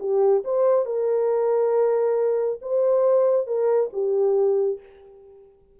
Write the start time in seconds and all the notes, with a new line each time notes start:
0.00 G4
0.45 C5
0.86 A#4
2.62 C5
3.47 A#4
3.93 G4